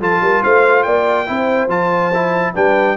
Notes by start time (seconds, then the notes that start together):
0.00 F3 F4 A4 A5
0.21 G3 A#4
0.43 A3 C5 F5
0.83 A#3 D5 G5
1.26 C4 E4 C5
1.67 F3 F4 A5
2.13 E4
2.54 G3 D4 B4 G5